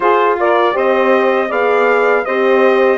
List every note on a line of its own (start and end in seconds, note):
0.00 0.73 F4
0.00 0.74 F4
0.00 0.38 G#4
0.00 0.37 C5
0.39 0.74 A#4
0.39 0.77 D5
0.73 1.50 C4
0.73 1.48 G4
0.73 1.48 C5
0.73 1.51 D#5
1.48 2.25 B3
1.48 2.24 G#4
1.48 2.23 D5
1.48 2.25 F5
2.25 2.98 C4
2.25 2.98 G4
2.25 2.98 C5
2.25 2.98 D#5